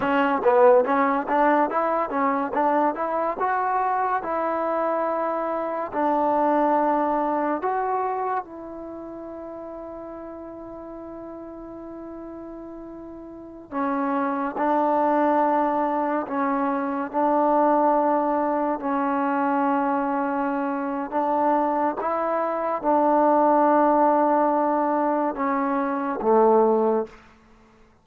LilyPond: \new Staff \with { instrumentName = "trombone" } { \time 4/4 \tempo 4 = 71 cis'8 b8 cis'8 d'8 e'8 cis'8 d'8 e'8 | fis'4 e'2 d'4~ | d'4 fis'4 e'2~ | e'1~ |
e'16 cis'4 d'2 cis'8.~ | cis'16 d'2 cis'4.~ cis'16~ | cis'4 d'4 e'4 d'4~ | d'2 cis'4 a4 | }